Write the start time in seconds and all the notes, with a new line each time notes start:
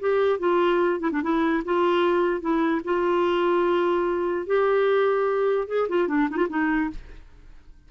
0.00 G4
0.39 F4
1.00 E4
1.12 D4
1.23 E4
1.65 F4
2.41 E4
2.85 F4
4.47 G4
5.68 G#4
5.89 F4
6.08 D4
6.30 D#4
6.37 F4
6.50 D#4